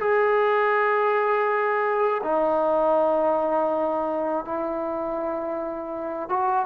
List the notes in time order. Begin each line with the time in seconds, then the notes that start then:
0.00 G#4
2.24 D#4
4.45 E4
6.30 F#4